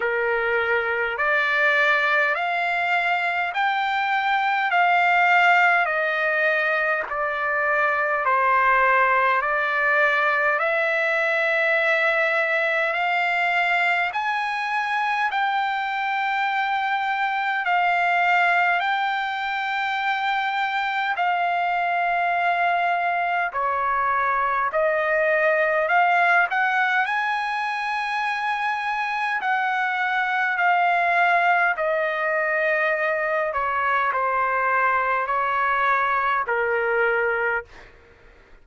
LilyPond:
\new Staff \with { instrumentName = "trumpet" } { \time 4/4 \tempo 4 = 51 ais'4 d''4 f''4 g''4 | f''4 dis''4 d''4 c''4 | d''4 e''2 f''4 | gis''4 g''2 f''4 |
g''2 f''2 | cis''4 dis''4 f''8 fis''8 gis''4~ | gis''4 fis''4 f''4 dis''4~ | dis''8 cis''8 c''4 cis''4 ais'4 | }